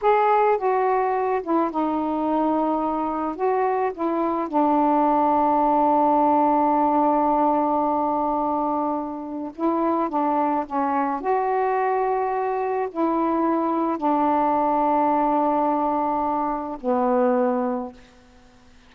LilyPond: \new Staff \with { instrumentName = "saxophone" } { \time 4/4 \tempo 4 = 107 gis'4 fis'4. e'8 dis'4~ | dis'2 fis'4 e'4 | d'1~ | d'1~ |
d'4 e'4 d'4 cis'4 | fis'2. e'4~ | e'4 d'2.~ | d'2 b2 | }